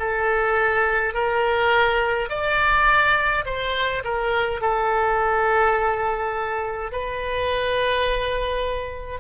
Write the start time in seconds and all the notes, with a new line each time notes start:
0.00 A4
1.14 A#4
2.30 D5
3.46 C5
4.05 A#4
4.62 A4
6.92 B4